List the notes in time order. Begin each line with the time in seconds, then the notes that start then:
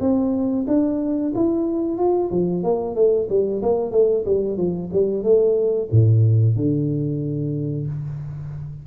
0.00 C4
0.67 D4
1.35 E4
1.97 F4
2.31 F3
2.63 A#3
2.95 A3
3.29 G3
3.62 A#3
3.91 A3
4.25 G3
4.57 F3
4.92 G3
5.23 A3
5.91 A2
6.56 D3